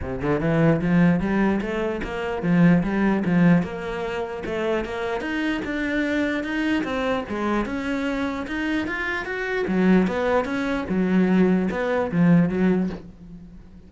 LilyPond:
\new Staff \with { instrumentName = "cello" } { \time 4/4 \tempo 4 = 149 c8 d8 e4 f4 g4 | a4 ais4 f4 g4 | f4 ais2 a4 | ais4 dis'4 d'2 |
dis'4 c'4 gis4 cis'4~ | cis'4 dis'4 f'4 fis'4 | fis4 b4 cis'4 fis4~ | fis4 b4 f4 fis4 | }